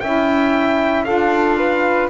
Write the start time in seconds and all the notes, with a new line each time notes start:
0.00 C#4 E4 E5 G5
1.05 D4 F4 A4 F5
1.58 B4